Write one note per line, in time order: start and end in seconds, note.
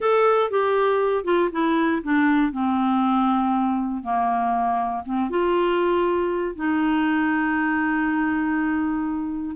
0.00 0.50 A4
0.50 1.24 G4
1.24 1.49 F4
1.52 2.02 E4
2.03 2.52 D4
2.52 4.03 C4
4.03 5.04 A#3
5.05 5.29 C4
5.29 6.55 F4
6.55 9.56 D#4